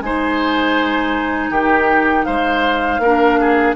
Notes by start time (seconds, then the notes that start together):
0.00 G#3 D#4 C5 G#5
1.50 D#3 G4 G5
2.24 G#3 C5 F5
2.98 A#3 D4 A#4
3.40 G#4